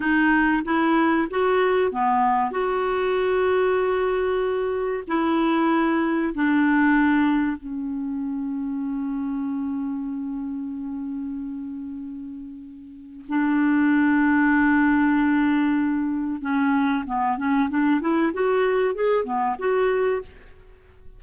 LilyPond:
\new Staff \with { instrumentName = "clarinet" } { \time 4/4 \tempo 4 = 95 dis'4 e'4 fis'4 b4 | fis'1 | e'2 d'2 | cis'1~ |
cis'1~ | cis'4 d'2.~ | d'2 cis'4 b8 cis'8 | d'8 e'8 fis'4 gis'8 b8 fis'4 | }